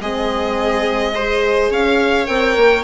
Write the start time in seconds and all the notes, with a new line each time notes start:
0.00 G#3 C4 G#4 D#5
1.14 G#4 C5
1.70 C#4 C#5 F5
2.26 C4 A#4 G5
2.56 A#3